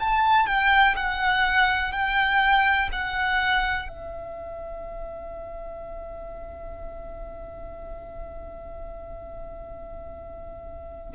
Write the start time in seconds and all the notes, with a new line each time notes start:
0.00 A5
0.47 G5
0.96 F#5
1.93 G5
2.93 F#5
3.88 E5